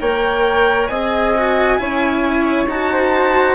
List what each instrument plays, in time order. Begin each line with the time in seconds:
0.00 bassoon A#3, cello A#4, flute C#5, violin G5
0.87 bassoon C4, cello G#4, flute D#5, violin G#5
1.37 cello F#4
1.78 bassoon C#4, cello E4, flute C#5
2.67 bassoon D#4, cello F#4, violin A5
2.93 flute C5